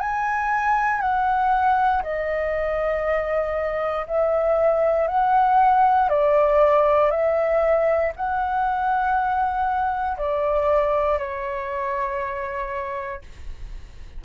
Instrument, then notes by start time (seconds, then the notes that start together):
flute
0.00 G#5
1.00 F#5
2.03 D#5
4.07 E5
5.08 F#5
6.09 D5
7.10 E5
8.16 F#5
10.17 D5
11.18 C#5